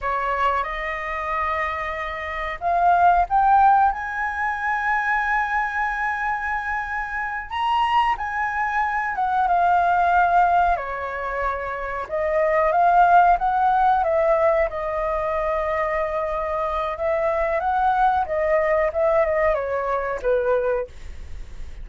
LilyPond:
\new Staff \with { instrumentName = "flute" } { \time 4/4 \tempo 4 = 92 cis''4 dis''2. | f''4 g''4 gis''2~ | gis''2.~ gis''8 ais''8~ | ais''8 gis''4. fis''8 f''4.~ |
f''8 cis''2 dis''4 f''8~ | f''8 fis''4 e''4 dis''4.~ | dis''2 e''4 fis''4 | dis''4 e''8 dis''8 cis''4 b'4 | }